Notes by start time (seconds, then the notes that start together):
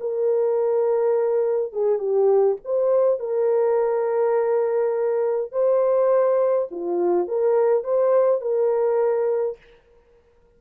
0.00 A#4
1.72 G#4
1.98 G4
2.65 C5
3.19 A#4
5.52 C5
6.71 F4
7.28 A#4
7.83 C5
8.41 A#4